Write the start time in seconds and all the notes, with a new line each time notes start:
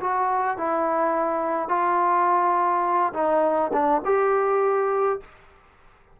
0.00 F#4
0.57 E4
1.68 F4
3.13 D#4
3.73 D4
4.04 G4